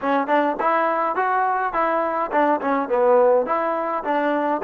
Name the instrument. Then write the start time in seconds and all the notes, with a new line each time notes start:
trombone
0.01 C#4
0.27 D4
0.60 E4
1.15 F#4
1.73 E4
2.31 D4
2.61 C#4
2.88 B3
3.46 E4
4.04 D4